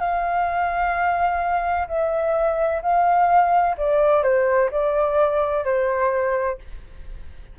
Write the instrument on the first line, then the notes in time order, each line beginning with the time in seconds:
flute
0.00 F5
1.88 E5
2.83 F5
3.78 D5
4.23 C5
4.71 D5
5.65 C5